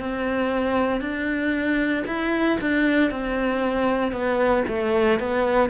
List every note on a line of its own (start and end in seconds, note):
0.00 1.01 C4
1.01 2.04 D4
2.06 2.58 E4
2.61 3.10 D4
3.10 4.11 C4
4.11 4.63 B3
4.68 5.19 A3
5.19 5.70 B3